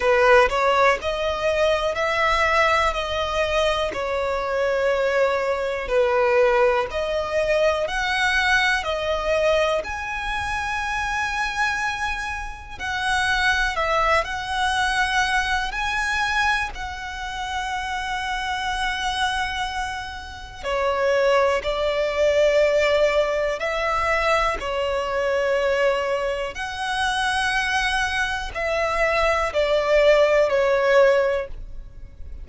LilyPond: \new Staff \with { instrumentName = "violin" } { \time 4/4 \tempo 4 = 61 b'8 cis''8 dis''4 e''4 dis''4 | cis''2 b'4 dis''4 | fis''4 dis''4 gis''2~ | gis''4 fis''4 e''8 fis''4. |
gis''4 fis''2.~ | fis''4 cis''4 d''2 | e''4 cis''2 fis''4~ | fis''4 e''4 d''4 cis''4 | }